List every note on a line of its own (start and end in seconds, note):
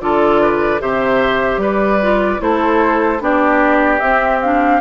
0.00 0.81 D3
0.00 0.79 F4
0.00 0.41 A4
0.00 0.80 D5
0.41 0.81 B4
0.79 1.57 C3
0.79 1.99 G4
0.79 1.61 C5
0.79 1.61 E5
1.57 2.37 G3
1.57 2.41 B4
1.57 2.41 D5
2.02 2.39 F4
2.39 3.20 A3
2.39 3.19 E4
2.39 3.22 A4
2.39 3.21 C5
3.20 4.00 B3
3.20 4.00 D4
3.20 4.80 G4
3.20 3.99 D5
3.99 4.80 C4
3.99 4.42 C4
3.99 4.39 E5
4.41 4.80 D4
4.41 4.80 F5